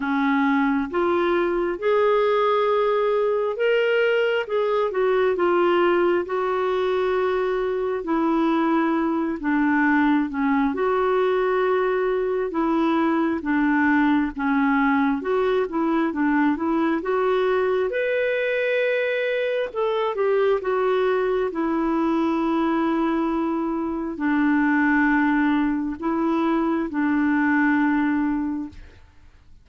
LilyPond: \new Staff \with { instrumentName = "clarinet" } { \time 4/4 \tempo 4 = 67 cis'4 f'4 gis'2 | ais'4 gis'8 fis'8 f'4 fis'4~ | fis'4 e'4. d'4 cis'8 | fis'2 e'4 d'4 |
cis'4 fis'8 e'8 d'8 e'8 fis'4 | b'2 a'8 g'8 fis'4 | e'2. d'4~ | d'4 e'4 d'2 | }